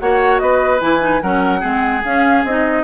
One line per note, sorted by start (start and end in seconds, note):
0.00 0.41 A#3
0.00 0.79 F#4
0.00 0.42 C#5
0.00 0.39 F#5
0.39 0.81 B3
0.39 1.23 B4
0.39 0.80 D#5
0.79 1.22 E3
0.79 1.00 E4
0.79 1.22 G#5
1.00 1.21 D#4
1.22 1.64 F#3
1.22 1.61 C#4
1.22 1.60 A#4
1.22 2.04 F#5
1.60 2.04 G#3
1.60 2.02 C4
1.60 2.83 G#4
2.04 2.44 C#4
2.04 2.47 C#4
2.04 2.45 F5
2.44 2.84 C4
2.44 2.84 D#4
2.44 2.84 D#5